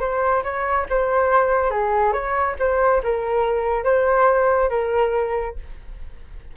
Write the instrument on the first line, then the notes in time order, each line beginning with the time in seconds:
flute
0.00 C5
0.44 C#5
0.90 C5
1.70 G#4
2.13 C#5
2.59 C5
3.03 A#4
3.84 C5
4.70 A#4